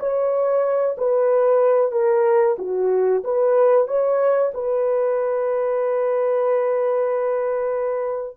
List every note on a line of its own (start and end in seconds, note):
0.00 0.97 C#5
0.98 1.92 B4
1.92 2.57 A#4
2.59 3.23 F#4
3.25 3.88 B4
3.88 4.52 C#5
4.54 8.38 B4